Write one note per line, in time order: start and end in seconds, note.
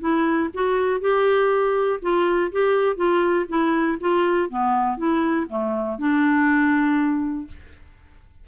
0.00 0.50 E4
0.54 1.01 F#4
1.01 2.00 G4
2.02 2.51 F4
2.52 2.96 G4
2.96 3.46 F4
3.49 3.98 E4
4.01 4.49 F4
4.49 4.97 B3
4.97 5.47 E4
5.49 5.99 A3
5.99 7.48 D4